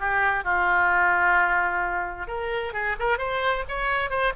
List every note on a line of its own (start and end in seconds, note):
0.00 0.45 G4
0.45 2.28 F4
2.28 2.74 A#4
2.74 2.97 G#4
2.99 3.19 A#4
3.19 3.65 C5
3.69 4.10 C#5
4.10 4.33 C5